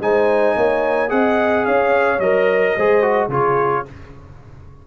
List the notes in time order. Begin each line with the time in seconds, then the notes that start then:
0.00 G#3 D#4 C5 G#5
0.56 A#3 C#5
1.08 C4 G#4 D#5 F#5
1.65 C#4 C#5 F5
2.19 F#3 A#4 D#5
2.76 G#3 G#4 C5
3.02 F#4
3.28 C#3 F4 G#4 C#5